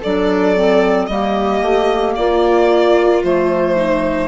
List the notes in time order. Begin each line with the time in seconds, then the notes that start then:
0.00 F#3 D4 A4 D5
0.56 C4
1.06 G3 A#3 D#5
1.12 G4
1.62 A3
2.16 A#3 F4 D5
3.23 F3 A3 C5
3.76 D#4